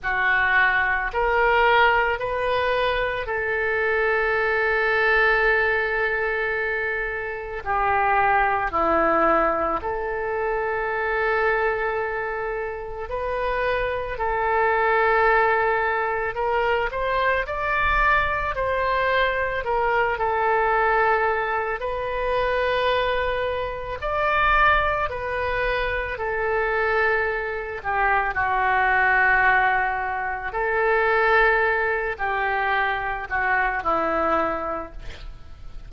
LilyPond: \new Staff \with { instrumentName = "oboe" } { \time 4/4 \tempo 4 = 55 fis'4 ais'4 b'4 a'4~ | a'2. g'4 | e'4 a'2. | b'4 a'2 ais'8 c''8 |
d''4 c''4 ais'8 a'4. | b'2 d''4 b'4 | a'4. g'8 fis'2 | a'4. g'4 fis'8 e'4 | }